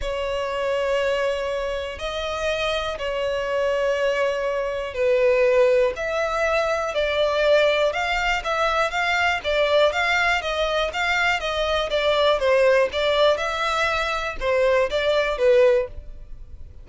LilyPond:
\new Staff \with { instrumentName = "violin" } { \time 4/4 \tempo 4 = 121 cis''1 | dis''2 cis''2~ | cis''2 b'2 | e''2 d''2 |
f''4 e''4 f''4 d''4 | f''4 dis''4 f''4 dis''4 | d''4 c''4 d''4 e''4~ | e''4 c''4 d''4 b'4 | }